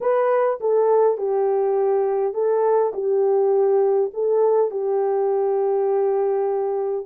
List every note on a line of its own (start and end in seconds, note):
0.01 0.59 B4
0.60 1.17 A4
1.17 2.33 G4
2.33 2.92 A4
2.93 4.11 G4
4.13 4.70 A4
4.70 7.06 G4